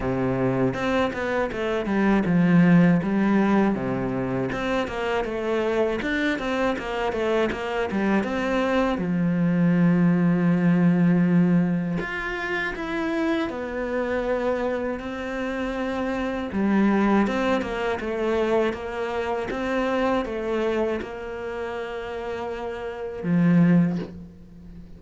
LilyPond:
\new Staff \with { instrumentName = "cello" } { \time 4/4 \tempo 4 = 80 c4 c'8 b8 a8 g8 f4 | g4 c4 c'8 ais8 a4 | d'8 c'8 ais8 a8 ais8 g8 c'4 | f1 |
f'4 e'4 b2 | c'2 g4 c'8 ais8 | a4 ais4 c'4 a4 | ais2. f4 | }